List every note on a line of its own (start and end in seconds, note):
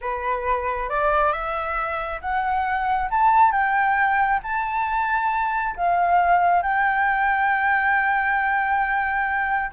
0.01 0.89 B4
0.89 1.32 D5
1.32 2.20 E5
2.21 3.09 F#5
3.10 3.51 A5
3.51 4.39 G5
4.42 5.75 A5
5.76 6.62 F5
6.62 9.71 G5